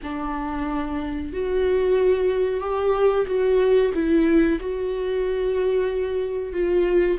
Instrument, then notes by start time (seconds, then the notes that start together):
viola
0.02 D4
1.33 F#4
2.60 G4
3.26 F#4
3.94 E4
4.60 F#4
6.52 F4